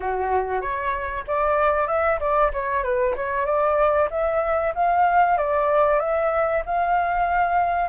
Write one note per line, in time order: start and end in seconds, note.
0.00 0.61 F#4
0.61 1.24 C#5
1.27 1.87 D5
1.87 2.19 E5
2.20 2.51 D5
2.52 2.82 C#5
2.82 3.14 B4
3.16 3.45 C#5
3.45 4.08 D5
4.10 4.73 E5
4.74 5.37 F5
5.37 5.99 D5
5.99 6.62 E5
6.65 7.89 F5